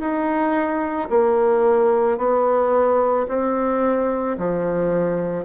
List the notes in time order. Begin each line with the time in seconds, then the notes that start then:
0.00 D#4
1.10 A#3
2.18 B3
3.28 C4
4.38 F3